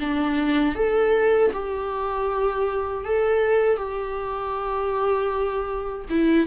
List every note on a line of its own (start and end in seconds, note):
0.00 0.75 D4
0.75 1.51 A4
1.53 3.05 G4
3.05 3.77 A4
3.77 6.05 G4
6.10 6.47 E4